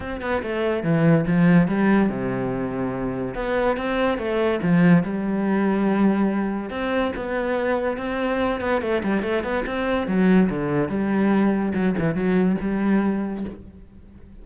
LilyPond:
\new Staff \with { instrumentName = "cello" } { \time 4/4 \tempo 4 = 143 c'8 b8 a4 e4 f4 | g4 c2. | b4 c'4 a4 f4 | g1 |
c'4 b2 c'4~ | c'8 b8 a8 g8 a8 b8 c'4 | fis4 d4 g2 | fis8 e8 fis4 g2 | }